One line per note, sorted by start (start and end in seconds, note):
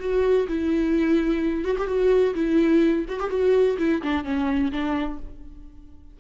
0.00 0.47 F#4
0.48 1.65 E4
1.65 1.77 F#4
1.79 1.88 G4
1.88 2.35 F#4
2.35 3.06 E4
3.09 3.20 F#4
3.20 3.30 G4
3.30 3.78 F#4
3.79 4.02 E4
4.03 4.25 D4
4.25 4.72 C#4
4.72 5.19 D4